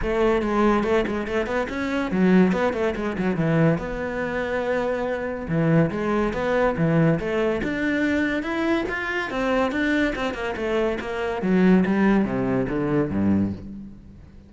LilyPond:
\new Staff \with { instrumentName = "cello" } { \time 4/4 \tempo 4 = 142 a4 gis4 a8 gis8 a8 b8 | cis'4 fis4 b8 a8 gis8 fis8 | e4 b2.~ | b4 e4 gis4 b4 |
e4 a4 d'2 | e'4 f'4 c'4 d'4 | c'8 ais8 a4 ais4 fis4 | g4 c4 d4 g,4 | }